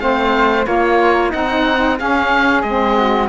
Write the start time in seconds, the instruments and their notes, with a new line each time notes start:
0.00 cello A3, saxophone C4, flute C5, oboe F5
0.65 saxophone A#3, cello A#3, flute F4, oboe C#5
1.30 cello C4, flute D#4, saxophone D#4, oboe F#5
1.98 saxophone C#4, cello C#4, flute G#4, oboe F5
2.62 cello G#3, saxophone C4, oboe D#5
2.97 flute F#4